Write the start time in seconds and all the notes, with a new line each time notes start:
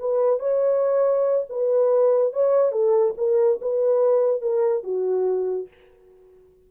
0.00 B4
0.40 C#5
1.50 B4
2.33 C#5
2.72 A4
3.18 A#4
3.62 B4
4.42 A#4
4.84 F#4